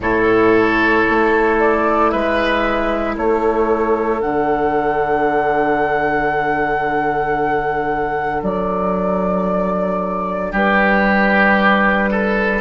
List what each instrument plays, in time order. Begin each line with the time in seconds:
0.00 bassoon A2, clarinet E4, oboe A4, flute C#5
1.09 bassoon A3
1.59 flute D5
2.11 bassoon G#3, oboe B4, flute E5
3.15 bassoon A3, oboe A4, flute C#5
4.20 bassoon D3, clarinet D4, flute F#5
8.42 bassoon F#3, flute D5
10.51 bassoon G3, oboe G4, flute B4
12.11 oboe A4